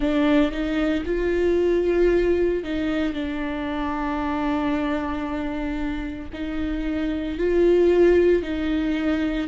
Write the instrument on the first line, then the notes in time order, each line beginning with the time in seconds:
viola
0.00 D4
0.51 D#4
1.05 F4
2.63 D#4
3.13 D4
6.33 D#4
7.38 F4
8.42 D#4